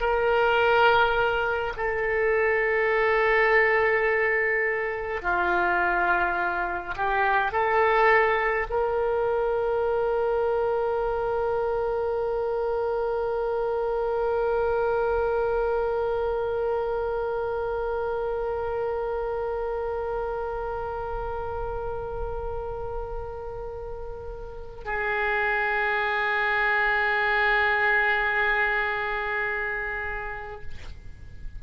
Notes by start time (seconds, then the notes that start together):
0.00 A#4
1.76 A4
5.21 F4
6.95 G4
7.52 A4
8.70 A#4
24.84 G#4